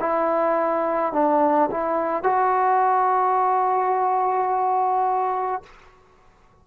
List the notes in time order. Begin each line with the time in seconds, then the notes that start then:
0.00 E4
1.13 D4
1.71 E4
2.23 F#4